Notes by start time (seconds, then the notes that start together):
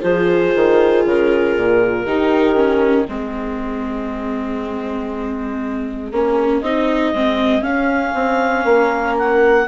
0.00 F3 F4 G#4 C5
0.55 D#3
1.05 C#3 A#4
1.56 A#2
2.04 D#3 D#4 G4
2.55 C#4
3.05 G#3 C4 G#4
6.11 A#3 C#4
6.61 C4 D#4 D#5
7.13 G#3 C4
7.61 C#4 F5
8.14 C4
8.64 A#3 A#4
9.18 F#5